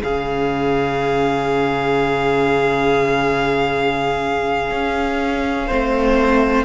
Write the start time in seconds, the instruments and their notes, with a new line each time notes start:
0.00 cello C#3, viola C#4, violin G#4 F5
4.70 cello C#4
5.67 cello A3, viola C4, violin C5